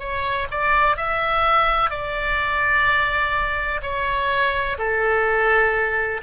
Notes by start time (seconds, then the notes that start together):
0.00 C#5
0.52 D5
0.97 E5
1.91 D5
3.83 C#5
4.79 A4